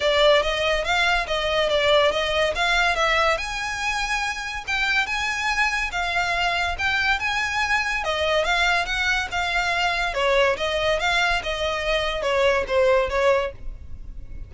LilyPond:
\new Staff \with { instrumentName = "violin" } { \time 4/4 \tempo 4 = 142 d''4 dis''4 f''4 dis''4 | d''4 dis''4 f''4 e''4 | gis''2. g''4 | gis''2 f''2 |
g''4 gis''2 dis''4 | f''4 fis''4 f''2 | cis''4 dis''4 f''4 dis''4~ | dis''4 cis''4 c''4 cis''4 | }